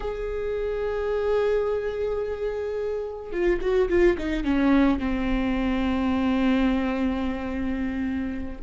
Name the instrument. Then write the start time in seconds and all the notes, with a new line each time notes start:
viola
0.00 G#4
3.32 F4
3.61 F#4
3.89 F4
4.18 D#4
4.43 C#4
4.98 C4